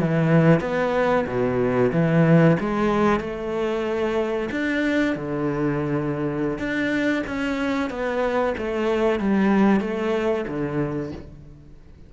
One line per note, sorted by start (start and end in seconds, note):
0.00 0.60 E3
0.60 1.25 B3
1.27 1.91 B2
1.92 2.57 E3
2.60 3.20 G#3
3.20 4.49 A3
4.51 5.16 D4
5.16 6.58 D3
6.58 7.23 D4
7.27 7.90 C#4
7.90 8.55 B3
8.57 9.20 A3
9.20 9.80 G3
9.80 10.45 A3
10.48 11.12 D3